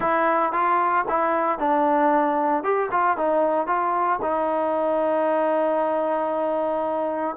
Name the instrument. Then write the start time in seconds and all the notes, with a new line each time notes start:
trombone
0.00 E4
0.52 F4
1.08 E4
1.59 D4
2.63 G4
2.91 F4
3.17 D#4
3.67 F4
4.22 D#4